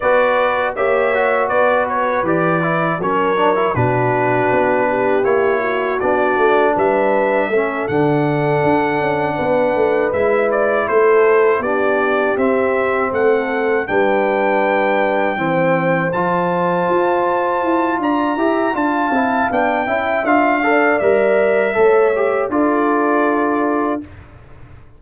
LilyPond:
<<
  \new Staff \with { instrumentName = "trumpet" } { \time 4/4 \tempo 4 = 80 d''4 e''4 d''8 cis''8 d''4 | cis''4 b'2 cis''4 | d''4 e''4. fis''4.~ | fis''4. e''8 d''8 c''4 d''8~ |
d''8 e''4 fis''4 g''4.~ | g''4. a''2~ a''8 | ais''4 a''4 g''4 f''4 | e''2 d''2 | }
  \new Staff \with { instrumentName = "horn" } { \time 4/4 b'4 cis''4 b'2 | ais'4 fis'4. g'4 fis'8~ | fis'4 b'4 a'2~ | a'8 b'2 a'4 g'8~ |
g'4. a'4 b'4.~ | b'8 c''2.~ c''8 | d''8 e''8 f''4. e''4 d''8~ | d''4 cis''4 a'2 | }
  \new Staff \with { instrumentName = "trombone" } { \time 4/4 fis'4 g'8 fis'4. g'8 e'8 | cis'8 d'16 e'16 d'2 e'4 | d'2 cis'8 d'4.~ | d'4. e'2 d'8~ |
d'8 c'2 d'4.~ | d'8 c'4 f'2~ f'8~ | f'8 g'8 f'8 e'8 d'8 e'8 f'8 a'8 | ais'4 a'8 g'8 f'2 | }
  \new Staff \with { instrumentName = "tuba" } { \time 4/4 b4 ais4 b4 e4 | fis4 b,4 b4 ais4 | b8 a8 g4 a8 d4 d'8 | cis'8 b8 a8 gis4 a4 b8~ |
b8 c'4 a4 g4.~ | g8 e4 f4 f'4 e'8 | d'8 e'8 d'8 c'8 b8 cis'8 d'4 | g4 a4 d'2 | }
>>